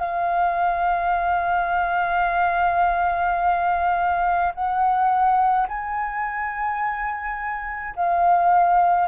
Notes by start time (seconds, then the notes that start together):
0.00 F5
4.55 F#5
5.69 G#5
7.97 F5